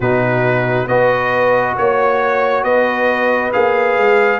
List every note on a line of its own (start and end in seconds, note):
0.00 0.87 B2
0.00 0.88 D#4
0.00 0.86 F#4
0.00 0.87 B4
0.87 1.76 B3
0.87 3.53 F#4
0.87 1.77 B4
0.87 1.75 D#5
1.77 2.63 A#3
1.77 2.63 C#5
1.77 2.64 C#5
2.63 3.51 B3
2.63 4.40 B4
2.63 3.51 D#5
3.53 3.97 A#3
3.53 4.40 G#4
3.53 4.40 F5
3.97 4.40 G#3